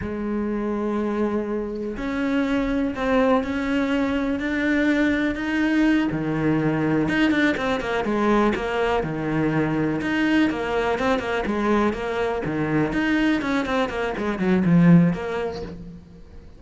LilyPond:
\new Staff \with { instrumentName = "cello" } { \time 4/4 \tempo 4 = 123 gis1 | cis'2 c'4 cis'4~ | cis'4 d'2 dis'4~ | dis'8 dis2 dis'8 d'8 c'8 |
ais8 gis4 ais4 dis4.~ | dis8 dis'4 ais4 c'8 ais8 gis8~ | gis8 ais4 dis4 dis'4 cis'8 | c'8 ais8 gis8 fis8 f4 ais4 | }